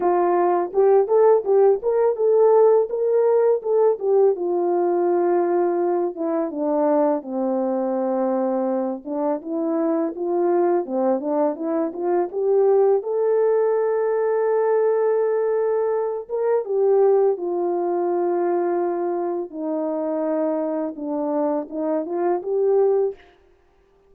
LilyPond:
\new Staff \with { instrumentName = "horn" } { \time 4/4 \tempo 4 = 83 f'4 g'8 a'8 g'8 ais'8 a'4 | ais'4 a'8 g'8 f'2~ | f'8 e'8 d'4 c'2~ | c'8 d'8 e'4 f'4 c'8 d'8 |
e'8 f'8 g'4 a'2~ | a'2~ a'8 ais'8 g'4 | f'2. dis'4~ | dis'4 d'4 dis'8 f'8 g'4 | }